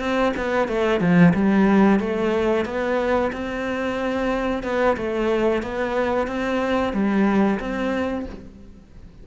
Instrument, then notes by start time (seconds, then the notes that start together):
cello
0.00 C4
0.37 B3
0.68 A3
1.01 F3
1.34 G3
2.00 A3
2.66 B3
3.33 C4
4.64 B3
4.97 A3
5.63 B3
6.27 C4
6.94 G3
7.60 C4